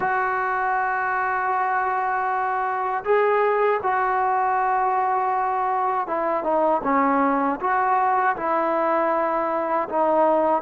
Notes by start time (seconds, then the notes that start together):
0.00 F#4
3.04 G#4
3.83 F#4
6.07 E4
6.43 D#4
6.83 C#4
7.60 F#4
8.36 E4
9.89 D#4